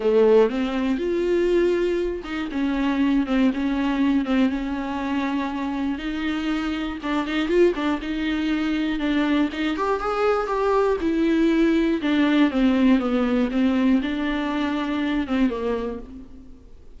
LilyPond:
\new Staff \with { instrumentName = "viola" } { \time 4/4 \tempo 4 = 120 a4 c'4 f'2~ | f'8 dis'8 cis'4. c'8 cis'4~ | cis'8 c'8 cis'2. | dis'2 d'8 dis'8 f'8 d'8 |
dis'2 d'4 dis'8 g'8 | gis'4 g'4 e'2 | d'4 c'4 b4 c'4 | d'2~ d'8 c'8 ais4 | }